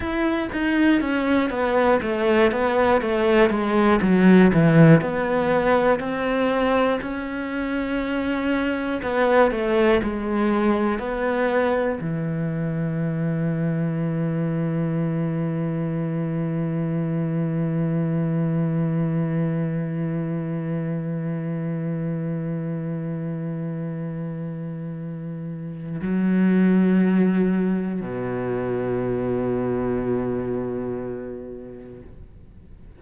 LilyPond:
\new Staff \with { instrumentName = "cello" } { \time 4/4 \tempo 4 = 60 e'8 dis'8 cis'8 b8 a8 b8 a8 gis8 | fis8 e8 b4 c'4 cis'4~ | cis'4 b8 a8 gis4 b4 | e1~ |
e1~ | e1~ | e2 fis2 | b,1 | }